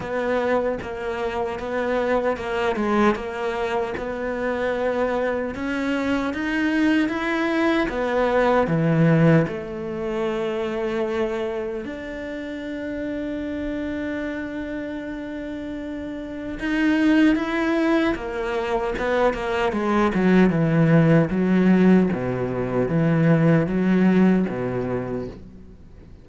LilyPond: \new Staff \with { instrumentName = "cello" } { \time 4/4 \tempo 4 = 76 b4 ais4 b4 ais8 gis8 | ais4 b2 cis'4 | dis'4 e'4 b4 e4 | a2. d'4~ |
d'1~ | d'4 dis'4 e'4 ais4 | b8 ais8 gis8 fis8 e4 fis4 | b,4 e4 fis4 b,4 | }